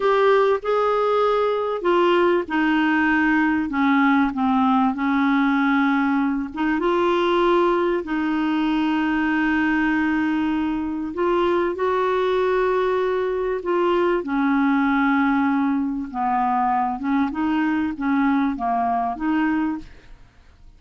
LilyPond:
\new Staff \with { instrumentName = "clarinet" } { \time 4/4 \tempo 4 = 97 g'4 gis'2 f'4 | dis'2 cis'4 c'4 | cis'2~ cis'8 dis'8 f'4~ | f'4 dis'2.~ |
dis'2 f'4 fis'4~ | fis'2 f'4 cis'4~ | cis'2 b4. cis'8 | dis'4 cis'4 ais4 dis'4 | }